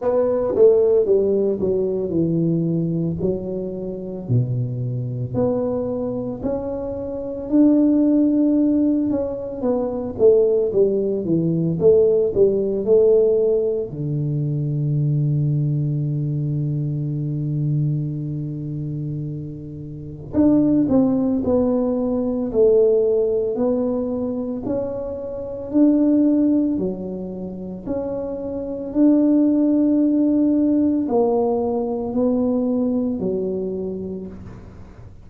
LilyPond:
\new Staff \with { instrumentName = "tuba" } { \time 4/4 \tempo 4 = 56 b8 a8 g8 fis8 e4 fis4 | b,4 b4 cis'4 d'4~ | d'8 cis'8 b8 a8 g8 e8 a8 g8 | a4 d2.~ |
d2. d'8 c'8 | b4 a4 b4 cis'4 | d'4 fis4 cis'4 d'4~ | d'4 ais4 b4 fis4 | }